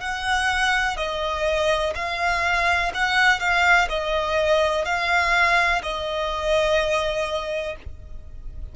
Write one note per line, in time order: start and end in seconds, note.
0.00 0.96 F#5
0.96 1.93 D#5
1.95 2.92 F5
2.94 3.40 F#5
3.40 3.88 F5
3.89 4.85 D#5
4.85 5.82 F5
5.82 7.76 D#5